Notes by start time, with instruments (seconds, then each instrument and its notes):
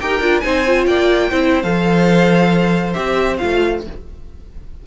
0.00 cello D#4, viola G4, violin A#4 G5
0.20 cello D4, viola F4
0.40 cello C4, viola D#4, violin C5 G#5
0.66 viola F4
0.86 cello A#3, violin D5 G5
1.30 cello C4, viola E4, violin C5
1.62 cello F3, viola A4, violin F5
2.93 cello C4, viola G4, violin E5
3.38 cello A3, viola F4, violin F5